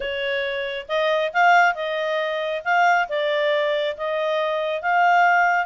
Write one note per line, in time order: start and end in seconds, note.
0.00 0.86 C#5
0.88 1.32 D#5
1.33 1.74 F5
1.74 2.62 D#5
2.64 3.08 F5
3.08 3.96 D5
3.97 4.82 D#5
4.82 5.66 F5